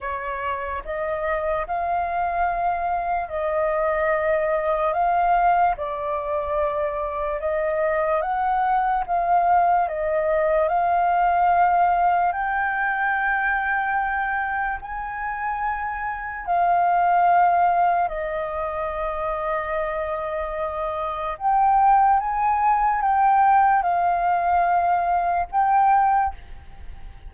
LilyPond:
\new Staff \with { instrumentName = "flute" } { \time 4/4 \tempo 4 = 73 cis''4 dis''4 f''2 | dis''2 f''4 d''4~ | d''4 dis''4 fis''4 f''4 | dis''4 f''2 g''4~ |
g''2 gis''2 | f''2 dis''2~ | dis''2 g''4 gis''4 | g''4 f''2 g''4 | }